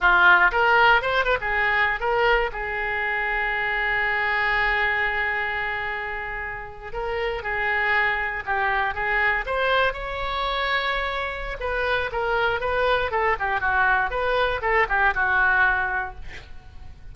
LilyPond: \new Staff \with { instrumentName = "oboe" } { \time 4/4 \tempo 4 = 119 f'4 ais'4 c''8 b'16 gis'4~ gis'16 | ais'4 gis'2.~ | gis'1~ | gis'4.~ gis'16 ais'4 gis'4~ gis'16~ |
gis'8. g'4 gis'4 c''4 cis''16~ | cis''2. b'4 | ais'4 b'4 a'8 g'8 fis'4 | b'4 a'8 g'8 fis'2 | }